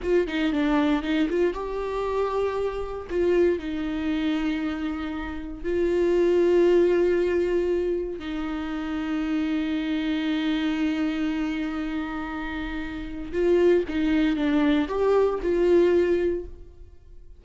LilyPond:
\new Staff \with { instrumentName = "viola" } { \time 4/4 \tempo 4 = 117 f'8 dis'8 d'4 dis'8 f'8 g'4~ | g'2 f'4 dis'4~ | dis'2. f'4~ | f'1 |
dis'1~ | dis'1~ | dis'2 f'4 dis'4 | d'4 g'4 f'2 | }